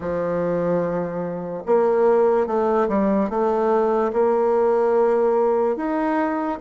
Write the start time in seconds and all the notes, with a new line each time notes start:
0.00 F3
1.66 A#3
2.46 A3
2.88 G3
3.29 A3
4.12 A#3
5.76 D#4